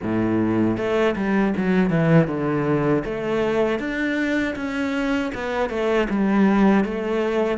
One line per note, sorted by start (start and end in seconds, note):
0.02 0.77 A2
0.77 1.15 A3
1.16 1.54 G3
1.56 1.90 F#3
1.90 2.27 E3
2.27 3.03 D3
3.04 3.79 A3
3.79 4.55 D4
4.55 5.31 C#4
5.34 5.69 B3
5.69 6.07 A3
6.09 6.84 G3
6.84 7.58 A3